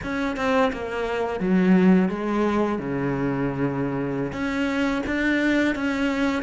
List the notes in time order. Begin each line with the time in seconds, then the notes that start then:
0.03 C#4
0.36 C4
0.72 A#3
1.40 F#3
2.09 G#3
2.78 C#3
4.32 C#4
5.06 D4
5.75 C#4